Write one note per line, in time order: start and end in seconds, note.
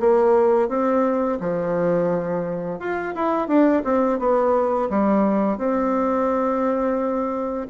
0.00 0.69 A#3
0.69 1.39 C4
1.40 2.79 F3
2.79 3.14 F4
3.15 3.48 E4
3.48 3.83 D4
3.84 4.19 C4
4.19 4.89 B3
4.90 5.58 G3
5.58 7.67 C4